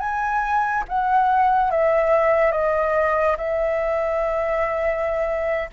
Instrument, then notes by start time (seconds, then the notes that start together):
flute
0.00 G#5
0.89 F#5
1.71 E5
2.52 D#5
3.38 E5